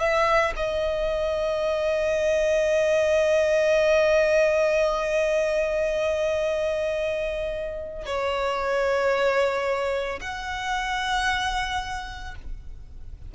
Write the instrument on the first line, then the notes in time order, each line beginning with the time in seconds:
violin
0.00 E5
0.56 D#5
8.06 C#5
10.21 F#5